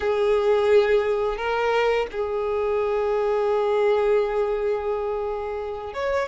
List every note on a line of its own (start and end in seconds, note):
0.00 1.37 G#4
1.37 2.06 A#4
2.11 5.93 G#4
5.93 6.28 C#5